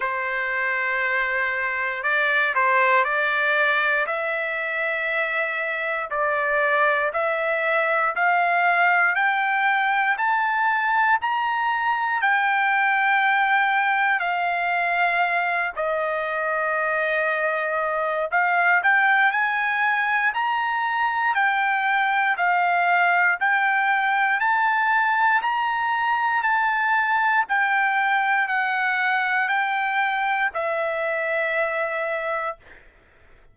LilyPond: \new Staff \with { instrumentName = "trumpet" } { \time 4/4 \tempo 4 = 59 c''2 d''8 c''8 d''4 | e''2 d''4 e''4 | f''4 g''4 a''4 ais''4 | g''2 f''4. dis''8~ |
dis''2 f''8 g''8 gis''4 | ais''4 g''4 f''4 g''4 | a''4 ais''4 a''4 g''4 | fis''4 g''4 e''2 | }